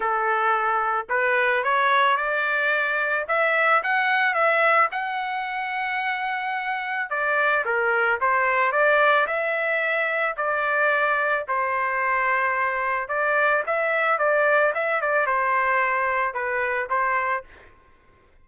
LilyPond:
\new Staff \with { instrumentName = "trumpet" } { \time 4/4 \tempo 4 = 110 a'2 b'4 cis''4 | d''2 e''4 fis''4 | e''4 fis''2.~ | fis''4 d''4 ais'4 c''4 |
d''4 e''2 d''4~ | d''4 c''2. | d''4 e''4 d''4 e''8 d''8 | c''2 b'4 c''4 | }